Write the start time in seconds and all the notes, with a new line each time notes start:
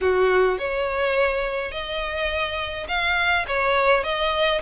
0.00 F#4
0.58 C#5
1.71 D#5
2.87 F5
3.47 C#5
4.03 D#5